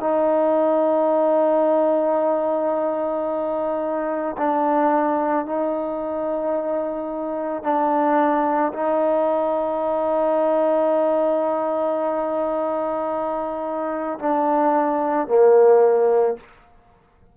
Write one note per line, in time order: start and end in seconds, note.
0.00 4.36 D#4
4.37 5.45 D4
5.45 7.63 D#4
7.63 8.72 D4
8.73 14.19 D#4
14.19 15.28 D4
15.28 16.37 A#3